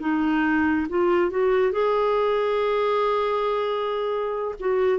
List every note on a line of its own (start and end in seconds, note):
0.00 0.87 D#4
0.89 1.30 F4
1.30 1.72 F#4
1.72 4.55 G#4
4.60 4.99 F#4